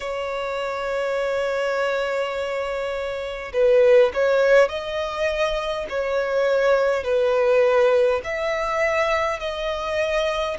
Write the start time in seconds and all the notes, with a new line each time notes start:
0.00 C#5
3.53 B4
4.13 C#5
4.68 D#5
5.89 C#5
7.03 B4
8.24 E5
9.39 D#5